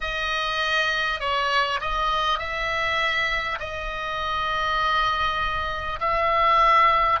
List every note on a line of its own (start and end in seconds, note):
0.00 1.20 D#5
1.20 1.80 C#5
1.81 2.38 D#5
2.38 3.58 E5
3.59 5.99 D#5
5.99 7.19 E5